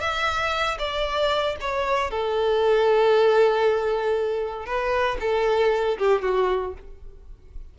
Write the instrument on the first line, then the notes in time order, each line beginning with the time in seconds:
violin
0.00 E5
0.78 D5
1.60 C#5
2.10 A4
4.66 B4
5.20 A4
5.98 G4
6.22 F#4